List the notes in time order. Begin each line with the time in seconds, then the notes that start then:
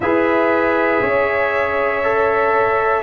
0.00 E4 G#4 B4 E5
1.01 C#4 C#5
2.03 A4